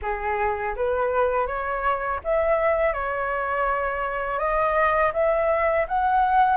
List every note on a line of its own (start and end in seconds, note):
0.02 0.75 G#4
0.75 1.46 B4
1.46 2.20 C#5
2.24 2.93 E5
2.93 4.39 C#5
4.39 5.12 D#5
5.13 5.86 E5
5.88 6.57 F#5